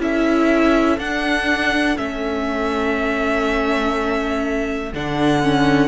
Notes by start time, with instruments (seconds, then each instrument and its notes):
0.00 cello C#4, viola E4, violin A4 E5
0.98 cello D4, viola D4, violin F#5
1.97 cello A3, viola C#4, violin E5
4.94 cello D3, viola D4, violin F#5
5.43 viola C#4